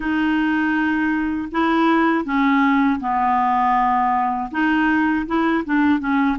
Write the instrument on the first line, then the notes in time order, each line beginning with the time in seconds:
clarinet
0.00 D#4
1.51 E4
2.24 C#4
3.00 B3
4.51 D#4
5.26 E4
5.65 D4
5.99 C#4